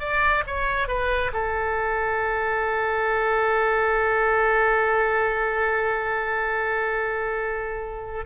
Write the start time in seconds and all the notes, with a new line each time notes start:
0.00 D5
0.47 C#5
0.88 B4
1.33 A4